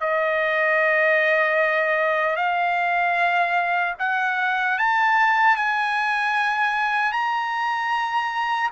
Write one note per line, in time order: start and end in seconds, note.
0.00 2.36 D#5
2.36 3.94 F5
3.99 4.78 F#5
4.78 5.56 A5
5.56 7.12 G#5
7.12 8.70 A#5